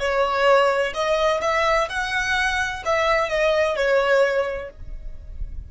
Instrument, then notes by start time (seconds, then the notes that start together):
violin
0.00 C#5
0.94 D#5
1.42 E5
1.90 F#5
2.86 E5
3.30 D#5
3.76 C#5